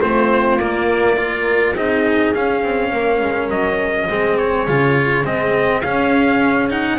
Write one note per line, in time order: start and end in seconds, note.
0.00 0.56 A3
0.00 0.58 C4
0.00 1.17 F4
0.00 0.59 C5
0.56 1.72 A#3
0.56 1.16 A#3
0.56 1.75 D5
1.16 1.74 F4
1.16 1.73 A#4
1.73 2.33 C4
1.73 2.34 D#4
1.73 2.90 G#4
1.73 2.34 D#5
2.34 4.09 C#4
2.34 2.62 C#4
2.34 3.50 F5
2.62 2.91 C4
2.92 3.21 A#3
2.92 4.08 A#4
3.21 3.49 G#3
3.49 4.08 F#3
3.49 4.37 D#5
4.08 4.67 G#3
4.08 4.67 C4
4.08 6.98 G#4
4.37 5.25 C#5
4.67 5.24 C#3
4.67 5.24 F4
5.24 5.82 G#3
5.24 5.82 C4
5.24 5.81 D#5
5.81 6.98 C#4
5.81 6.69 C#4
5.81 6.68 F5
6.69 6.98 D#4
6.69 6.98 F#5